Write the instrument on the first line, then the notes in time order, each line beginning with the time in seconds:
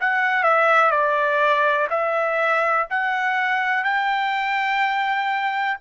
trumpet
0.00 F#5
0.43 E5
0.91 D5
1.90 E5
2.89 F#5
3.84 G5